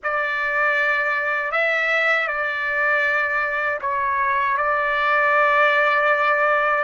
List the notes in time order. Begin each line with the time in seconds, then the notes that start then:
0.03 D5
1.51 E5
2.28 D5
3.81 C#5
4.57 D5